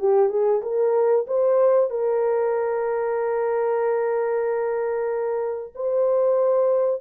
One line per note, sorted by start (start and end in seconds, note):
0.00 0.30 G4
0.30 0.62 G#4
0.63 1.27 A#4
1.28 1.91 C5
1.91 5.74 A#4
5.76 7.02 C5